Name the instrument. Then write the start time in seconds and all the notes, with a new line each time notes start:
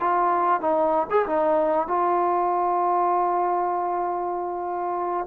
trombone
0.00 F4
0.61 D#4
1.10 G#4
1.26 D#4
1.87 F4